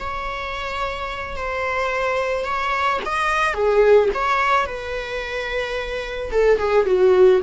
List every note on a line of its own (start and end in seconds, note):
0.00 1.36 C#5
1.36 2.45 C5
2.45 3.00 C#5
3.05 3.54 D#5
3.54 4.09 G#4
4.14 4.66 C#5
4.66 6.31 B4
6.32 6.59 A4
6.59 6.86 G#4
6.86 7.41 F#4